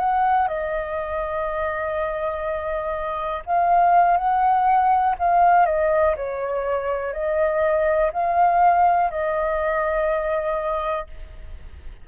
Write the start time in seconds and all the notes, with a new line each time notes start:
0.00 F#5
0.48 D#5
3.46 F5
4.18 F#5
5.19 F5
5.66 D#5
6.17 C#5
7.14 D#5
8.13 F5
9.11 D#5